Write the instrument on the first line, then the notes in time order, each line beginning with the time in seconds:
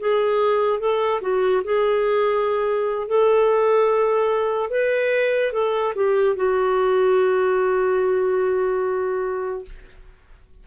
clarinet
0.00 G#4
0.80 A4
1.22 F#4
1.64 G#4
3.08 A4
4.70 B4
5.53 A4
5.96 G4
6.36 F#4